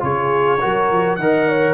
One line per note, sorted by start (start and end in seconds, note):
0.00 0.61 C#3
0.00 0.58 F4
0.00 0.61 G#4
0.00 1.16 C#5
0.60 0.91 F#3
0.60 1.18 F#4
0.60 1.19 A#4
0.91 1.18 F3
1.16 1.74 D#3
1.16 1.74 A#4
1.16 1.49 D#5
1.16 1.74 F#5
1.49 1.74 C#5